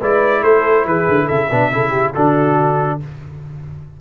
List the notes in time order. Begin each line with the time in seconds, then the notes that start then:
0.00 G#3 E4 B4 D5
0.43 A3 A4 C5
0.85 E3 G#4 B4
1.08 D3
1.27 C#3 A4 E5
1.49 B2 D4 B4
1.72 C#3 E4 A4
1.90 G4
2.14 D3 D4 F#4 A4